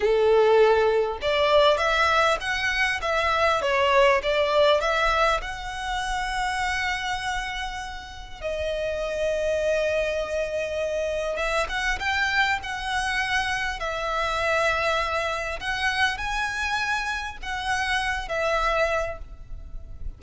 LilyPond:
\new Staff \with { instrumentName = "violin" } { \time 4/4 \tempo 4 = 100 a'2 d''4 e''4 | fis''4 e''4 cis''4 d''4 | e''4 fis''2.~ | fis''2 dis''2~ |
dis''2. e''8 fis''8 | g''4 fis''2 e''4~ | e''2 fis''4 gis''4~ | gis''4 fis''4. e''4. | }